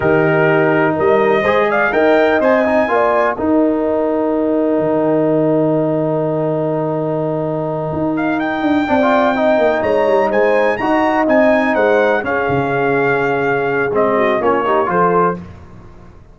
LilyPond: <<
  \new Staff \with { instrumentName = "trumpet" } { \time 4/4 \tempo 4 = 125 ais'2 dis''4. f''8 | g''4 gis''2 g''4~ | g''1~ | g''1~ |
g''4 f''8 g''2~ g''8~ | g''8 ais''4 gis''4 ais''4 gis''8~ | gis''8 fis''4 f''2~ f''8~ | f''4 dis''4 cis''4 c''4 | }
  \new Staff \with { instrumentName = "horn" } { \time 4/4 g'2 ais'4 c''8 d''8 | dis''2 d''4 ais'4~ | ais'1~ | ais'1~ |
ais'2~ ais'8 d''4 dis''8~ | dis''8 cis''4 c''4 dis''4.~ | dis''8 c''4 gis'2~ gis'8~ | gis'4. fis'8 f'8 g'8 a'4 | }
  \new Staff \with { instrumentName = "trombone" } { \time 4/4 dis'2. gis'4 | ais'4 c''8 dis'8 f'4 dis'4~ | dis'1~ | dis'1~ |
dis'2~ dis'8 d'16 f'8. dis'8~ | dis'2~ dis'8 fis'4 dis'8~ | dis'4. cis'2~ cis'8~ | cis'4 c'4 cis'8 dis'8 f'4 | }
  \new Staff \with { instrumentName = "tuba" } { \time 4/4 dis2 g4 gis4 | dis'4 c'4 ais4 dis'4~ | dis'2 dis2~ | dis1~ |
dis8 dis'4. d'8 c'4. | ais8 gis8 g8 gis4 dis'4 c'8~ | c'8 gis4 cis'8 cis2~ | cis4 gis4 ais4 f4 | }
>>